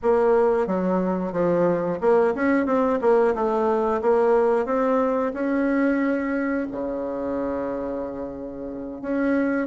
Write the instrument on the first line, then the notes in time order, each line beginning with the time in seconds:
bassoon
0.02 A#3
0.66 F#3
1.32 F3
2.00 A#3
2.34 C#4
2.65 C4
3.01 A#3
3.34 A3
4.02 A#3
4.65 C4
5.33 C#4
6.71 C#3
9.01 C#4